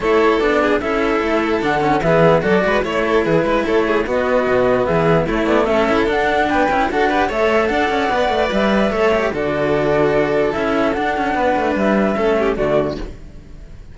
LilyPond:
<<
  \new Staff \with { instrumentName = "flute" } { \time 4/4 \tempo 4 = 148 cis''4 d''4 e''2 | fis''4 e''4 d''4 cis''4 | b'4 cis''4 dis''2 | e''4 cis''8 d''8 e''4 fis''4 |
g''4 fis''4 e''4 fis''4~ | fis''4 e''2 d''4~ | d''2 e''4 fis''4~ | fis''4 e''2 d''4 | }
  \new Staff \with { instrumentName = "violin" } { \time 4/4 a'4. gis'8 a'2~ | a'4 gis'4 a'8 b'8 cis''8 a'8 | gis'8 b'8 a'8 gis'8 fis'2 | gis'4 e'4 a'2 |
b'4 a'8 b'8 cis''4 d''4~ | d''2 cis''4 a'4~ | a'1 | b'2 a'8 g'8 fis'4 | }
  \new Staff \with { instrumentName = "cello" } { \time 4/4 e'4 d'4 e'2 | d'8 cis'8 b4 fis'4 e'4~ | e'2 b2~ | b4 a4. e'8 d'4~ |
d'8 e'8 fis'8 g'8 a'2 | b'2 a'8 g'8 fis'4~ | fis'2 e'4 d'4~ | d'2 cis'4 a4 | }
  \new Staff \with { instrumentName = "cello" } { \time 4/4 a4 b4 cis'4 a4 | d4 e4 fis8 gis8 a4 | e8 gis8 a4 b4 b,4 | e4 a8 b8 cis'4 d'4 |
b8 cis'8 d'4 a4 d'8 cis'8 | b8 a8 g4 a4 d4~ | d2 cis'4 d'8 cis'8 | b8 a8 g4 a4 d4 | }
>>